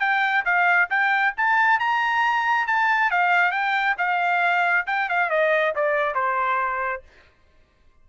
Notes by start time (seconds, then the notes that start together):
0.00 G5
0.45 F5
0.90 G5
1.37 A5
1.79 A#5
2.67 A5
3.10 F5
3.51 G5
3.98 F5
4.87 G5
5.09 F5
5.30 D#5
5.76 D5
6.14 C5